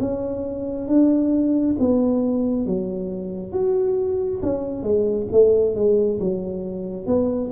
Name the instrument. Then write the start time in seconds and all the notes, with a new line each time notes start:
tuba
0.00 C#4
0.87 D4
1.79 B3
2.66 F#3
3.52 F#4
4.42 C#4
4.82 G#3
5.31 A3
5.75 G#3
6.20 F#3
7.06 B3